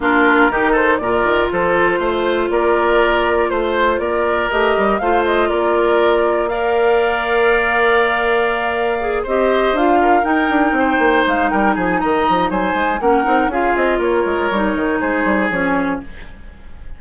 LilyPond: <<
  \new Staff \with { instrumentName = "flute" } { \time 4/4 \tempo 4 = 120 ais'4. c''8 d''4 c''4~ | c''4 d''2 c''4 | d''4 dis''4 f''8 dis''8 d''4~ | d''4 f''2.~ |
f''2~ f''8 dis''4 f''8~ | f''8 g''2 f''8 g''8 gis''8 | ais''4 gis''4 fis''4 f''8 dis''8 | cis''2 c''4 cis''4 | }
  \new Staff \with { instrumentName = "oboe" } { \time 4/4 f'4 g'8 a'8 ais'4 a'4 | c''4 ais'2 c''4 | ais'2 c''4 ais'4~ | ais'4 d''2.~ |
d''2~ d''8 c''4. | ais'4. c''4. ais'8 gis'8 | dis''4 c''4 ais'4 gis'4 | ais'2 gis'2 | }
  \new Staff \with { instrumentName = "clarinet" } { \time 4/4 d'4 dis'4 f'2~ | f'1~ | f'4 g'4 f'2~ | f'4 ais'2.~ |
ais'2 gis'8 g'4 f'8~ | f'8 dis'2.~ dis'8~ | dis'2 cis'8 dis'8 f'4~ | f'4 dis'2 cis'4 | }
  \new Staff \with { instrumentName = "bassoon" } { \time 4/4 ais4 dis4 ais,8 dis8 f4 | a4 ais2 a4 | ais4 a8 g8 a4 ais4~ | ais1~ |
ais2~ ais8 c'4 d'8~ | d'8 dis'8 d'8 c'8 ais8 gis8 g8 f8 | dis8 f8 fis8 gis8 ais8 c'8 cis'8 c'8 | ais8 gis8 g8 dis8 gis8 g8 f4 | }
>>